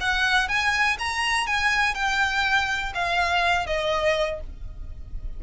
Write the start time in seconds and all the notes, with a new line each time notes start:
0.00 F#5
0.48 G#5
0.98 A#5
1.46 G#5
1.94 G5
2.94 F5
3.66 D#5